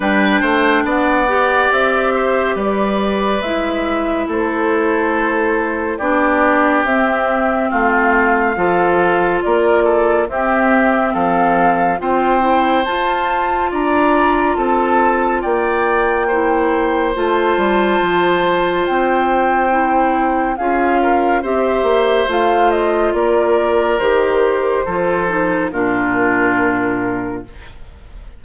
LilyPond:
<<
  \new Staff \with { instrumentName = "flute" } { \time 4/4 \tempo 4 = 70 g''4 fis''4 e''4 d''4 | e''4 c''2 d''4 | e''4 f''2 d''4 | e''4 f''4 g''4 a''4 |
ais''4 a''4 g''2 | a''2 g''2 | f''4 e''4 f''8 dis''8 d''4 | c''2 ais'2 | }
  \new Staff \with { instrumentName = "oboe" } { \time 4/4 b'8 c''8 d''4. c''8 b'4~ | b'4 a'2 g'4~ | g'4 f'4 a'4 ais'8 a'8 | g'4 a'4 c''2 |
d''4 a'4 d''4 c''4~ | c''1 | gis'8 ais'8 c''2 ais'4~ | ais'4 a'4 f'2 | }
  \new Staff \with { instrumentName = "clarinet" } { \time 4/4 d'4. g'2~ g'8 | e'2. d'4 | c'2 f'2 | c'2 f'8 e'8 f'4~ |
f'2. e'4 | f'2. e'4 | f'4 g'4 f'2 | g'4 f'8 dis'8 d'2 | }
  \new Staff \with { instrumentName = "bassoon" } { \time 4/4 g8 a8 b4 c'4 g4 | gis4 a2 b4 | c'4 a4 f4 ais4 | c'4 f4 c'4 f'4 |
d'4 c'4 ais2 | a8 g8 f4 c'2 | cis'4 c'8 ais8 a4 ais4 | dis4 f4 ais,2 | }
>>